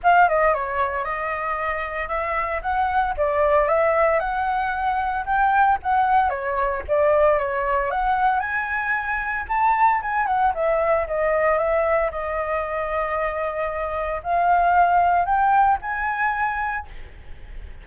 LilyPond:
\new Staff \with { instrumentName = "flute" } { \time 4/4 \tempo 4 = 114 f''8 dis''8 cis''4 dis''2 | e''4 fis''4 d''4 e''4 | fis''2 g''4 fis''4 | cis''4 d''4 cis''4 fis''4 |
gis''2 a''4 gis''8 fis''8 | e''4 dis''4 e''4 dis''4~ | dis''2. f''4~ | f''4 g''4 gis''2 | }